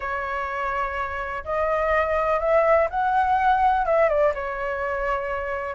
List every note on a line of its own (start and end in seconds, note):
0.00 1.44 C#5
1.44 2.40 D#5
2.40 2.88 E5
2.90 3.85 F#5
3.85 4.08 E5
4.08 4.32 D5
4.34 5.75 C#5